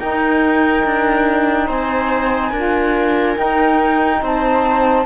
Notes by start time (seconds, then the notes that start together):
0.00 D#4 A#4 G5
0.85 D4
1.68 C4 C5 G#5
2.51 D4 F4 A#4
3.36 D#4 G5
4.23 C4 C5 A5